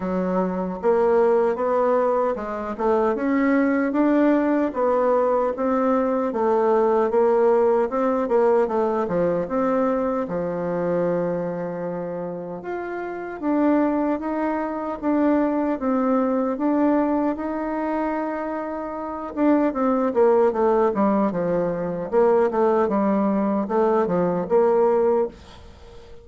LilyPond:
\new Staff \with { instrumentName = "bassoon" } { \time 4/4 \tempo 4 = 76 fis4 ais4 b4 gis8 a8 | cis'4 d'4 b4 c'4 | a4 ais4 c'8 ais8 a8 f8 | c'4 f2. |
f'4 d'4 dis'4 d'4 | c'4 d'4 dis'2~ | dis'8 d'8 c'8 ais8 a8 g8 f4 | ais8 a8 g4 a8 f8 ais4 | }